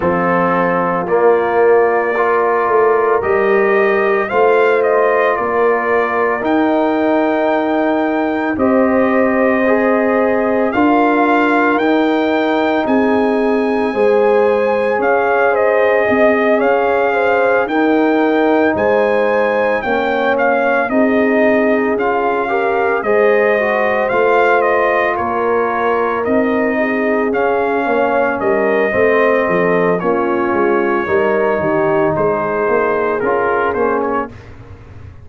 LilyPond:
<<
  \new Staff \with { instrumentName = "trumpet" } { \time 4/4 \tempo 4 = 56 a'4 d''2 dis''4 | f''8 dis''8 d''4 g''2 | dis''2 f''4 g''4 | gis''2 f''8 dis''4 f''8~ |
f''8 g''4 gis''4 g''8 f''8 dis''8~ | dis''8 f''4 dis''4 f''8 dis''8 cis''8~ | cis''8 dis''4 f''4 dis''4. | cis''2 c''4 ais'8 c''16 cis''16 | }
  \new Staff \with { instrumentName = "horn" } { \time 4/4 f'2 ais'2 | c''4 ais'2. | c''2 ais'2 | gis'4 c''4 cis''8 c''8 dis''8 cis''8 |
c''8 ais'4 c''4 cis''4 gis'8~ | gis'4 ais'8 c''2 ais'8~ | ais'4 gis'4 cis''8 ais'8 c''8 a'8 | f'4 ais'8 g'8 gis'2 | }
  \new Staff \with { instrumentName = "trombone" } { \time 4/4 c'4 ais4 f'4 g'4 | f'2 dis'2 | g'4 gis'4 f'4 dis'4~ | dis'4 gis'2.~ |
gis'8 dis'2 cis'4 dis'8~ | dis'8 f'8 g'8 gis'8 fis'8 f'4.~ | f'8 dis'4 cis'4. c'4 | cis'4 dis'2 f'8 cis'8 | }
  \new Staff \with { instrumentName = "tuba" } { \time 4/4 f4 ais4. a8 g4 | a4 ais4 dis'2 | c'2 d'4 dis'4 | c'4 gis4 cis'4 c'8 cis'8~ |
cis'8 dis'4 gis4 ais4 c'8~ | c'8 cis'4 gis4 a4 ais8~ | ais8 c'4 cis'8 ais8 g8 a8 f8 | ais8 gis8 g8 dis8 gis8 ais8 cis'8 ais8 | }
>>